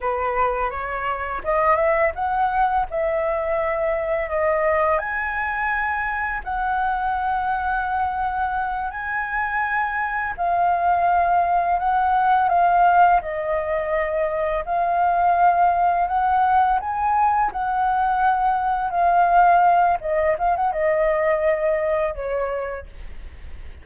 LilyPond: \new Staff \with { instrumentName = "flute" } { \time 4/4 \tempo 4 = 84 b'4 cis''4 dis''8 e''8 fis''4 | e''2 dis''4 gis''4~ | gis''4 fis''2.~ | fis''8 gis''2 f''4.~ |
f''8 fis''4 f''4 dis''4.~ | dis''8 f''2 fis''4 gis''8~ | gis''8 fis''2 f''4. | dis''8 f''16 fis''16 dis''2 cis''4 | }